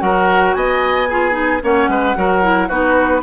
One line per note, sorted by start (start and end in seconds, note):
0.00 0.55 F#3
0.00 1.07 F#4
0.00 0.56 A#4
0.00 0.54 F#5
0.54 1.63 B3
0.54 1.09 D#5
0.54 1.61 G#5
1.09 1.32 F4
1.09 1.63 G#4
1.32 1.59 D#4
1.63 1.88 A#3
1.63 2.16 C#4
1.63 1.90 C#5
1.63 2.69 F#5
1.88 2.15 G#3
1.88 2.17 B4
2.16 2.70 F#3
2.16 2.43 F#4
2.16 2.68 A#4
2.43 2.70 E4
2.68 3.23 B3
2.68 3.23 D#4
2.68 3.22 F#4
2.68 3.23 B4